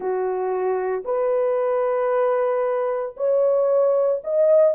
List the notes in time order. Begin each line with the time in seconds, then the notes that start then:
0.00 F#4
1.04 B4
3.16 C#5
4.23 D#5